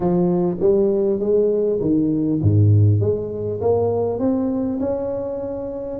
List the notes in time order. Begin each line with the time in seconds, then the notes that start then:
0.00 F3
0.60 G3
1.19 G#3
1.80 D#3
2.42 G#2
3.00 G#3
3.61 A#3
4.19 C4
4.79 C#4